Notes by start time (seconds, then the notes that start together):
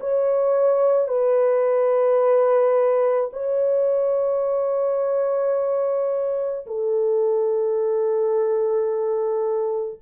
0.00 C#5
1.08 B4
3.33 C#5
6.67 A4